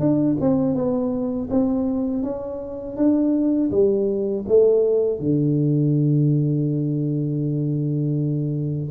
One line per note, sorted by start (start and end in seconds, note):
0.00 0.37 D4
0.41 0.75 C4
0.75 1.49 B3
1.51 2.23 C4
2.23 2.97 C#4
2.97 3.71 D4
3.71 4.45 G3
4.48 5.20 A3
5.20 8.90 D3